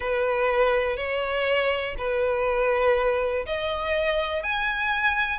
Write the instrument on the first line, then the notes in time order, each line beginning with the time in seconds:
violin
0.00 B4
0.97 C#5
1.98 B4
3.46 D#5
4.43 G#5